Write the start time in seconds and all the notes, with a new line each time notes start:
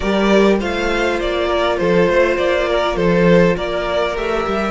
0.00 G3 G4 A#4 D5
0.59 A3 F4 C5 F5
1.20 A#3 D5
1.47 A#4
1.77 F3 A4 C5
2.08 A3 C5
2.37 A#3 D5
2.67 A#4
2.95 F3 A4 C5
3.56 A#3 A#4 D5
4.15 A3 G4 E5
4.46 G3